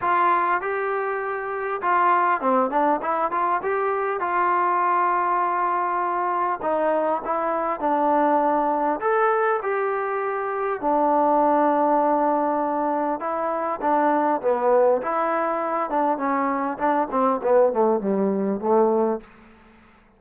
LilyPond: \new Staff \with { instrumentName = "trombone" } { \time 4/4 \tempo 4 = 100 f'4 g'2 f'4 | c'8 d'8 e'8 f'8 g'4 f'4~ | f'2. dis'4 | e'4 d'2 a'4 |
g'2 d'2~ | d'2 e'4 d'4 | b4 e'4. d'8 cis'4 | d'8 c'8 b8 a8 g4 a4 | }